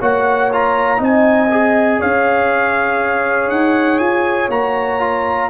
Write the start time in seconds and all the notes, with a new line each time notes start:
0.00 A#3 F#4 C#5 F#5
0.53 F4 A#5
0.98 C4 D#4 D#5
1.04 G#5
1.51 G#4
2.00 C#4 C#5 F5
3.50 D#4 F#5
3.99 F4 G#5
4.49 A#3 F#4 A#5
5.00 F4